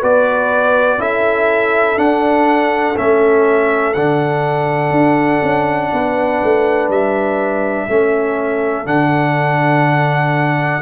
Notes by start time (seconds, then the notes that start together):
0.00 B3 F#4 B4 D5
0.99 C#4 E4 A4 E5
1.97 D4 F#5
2.97 A3 C#4 E5
3.94 D3 D4 F#5
4.91 D4
5.43 C#4
5.93 B3 B4
6.44 A3
6.89 G3 E5
7.89 A3 C#4 A4
8.86 D3 D4 F#5